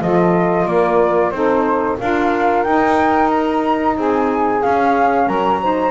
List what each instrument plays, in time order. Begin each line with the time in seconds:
0.00 double bass F3, saxophone F4 A4, flute D#5
0.66 double bass A#3, saxophone A#4, flute D5
1.31 double bass C4, saxophone D#4 A4, flute C5
2.00 double bass D4, saxophone F4 A#4, flute F5
2.63 double bass D#4, saxophone D#4, flute G5
3.30 flute A#5
3.97 double bass C4, saxophone G#4, flute G#5
4.62 saxophone C#4, double bass C#4, flute F5
5.27 double bass F#3, saxophone A#4, flute A#5
5.62 saxophone D#4 C5